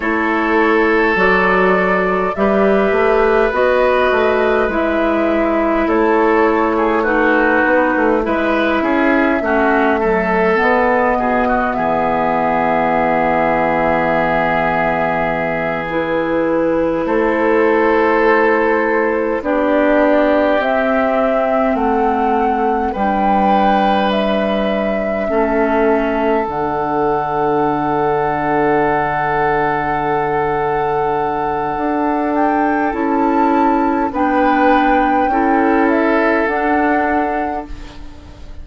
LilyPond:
<<
  \new Staff \with { instrumentName = "flute" } { \time 4/4 \tempo 4 = 51 cis''4 d''4 e''4 dis''4 | e''4 cis''4 b'4 e''4~ | e''4 dis''4 e''2~ | e''4. b'4 c''4.~ |
c''8 d''4 e''4 fis''4 g''8~ | g''8 e''2 fis''4.~ | fis''2.~ fis''8 g''8 | a''4 g''4. e''8 fis''4 | }
  \new Staff \with { instrumentName = "oboe" } { \time 4/4 a'2 b'2~ | b'4 a'8. gis'16 fis'4 b'8 gis'8 | fis'8 a'4 gis'16 fis'16 gis'2~ | gis'2~ gis'8 a'4.~ |
a'8 g'2 a'4 b'8~ | b'4. a'2~ a'8~ | a'1~ | a'4 b'4 a'2 | }
  \new Staff \with { instrumentName = "clarinet" } { \time 4/4 e'4 fis'4 g'4 fis'4 | e'2 dis'4 e'4 | cis'8 fis8 b2.~ | b4. e'2~ e'8~ |
e'8 d'4 c'2 d'8~ | d'4. cis'4 d'4.~ | d'1 | e'4 d'4 e'4 d'4 | }
  \new Staff \with { instrumentName = "bassoon" } { \time 4/4 a4 fis4 g8 a8 b8 a8 | gis4 a4. b16 a16 gis8 cis'8 | a4 b8 b,8 e2~ | e2~ e8 a4.~ |
a8 b4 c'4 a4 g8~ | g4. a4 d4.~ | d2. d'4 | cis'4 b4 cis'4 d'4 | }
>>